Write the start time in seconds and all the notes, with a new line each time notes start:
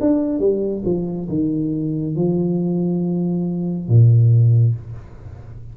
0.00 D4
0.39 G3
0.85 F3
1.29 D#3
2.15 F3
3.88 A#2